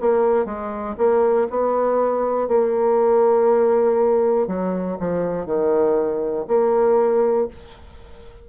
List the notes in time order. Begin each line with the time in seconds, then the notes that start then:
0.00 A#3
0.45 G#3
0.98 A#3
1.50 B3
2.48 A#3
4.47 F#3
4.99 F3
5.45 D#3
6.48 A#3